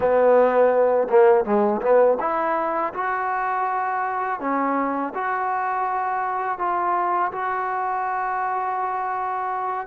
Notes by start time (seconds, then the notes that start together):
0.00 B3
1.09 A#3
1.44 G#3
1.81 B3
2.20 E4
2.93 F#4
4.40 C#4
5.14 F#4
6.58 F4
7.32 F#4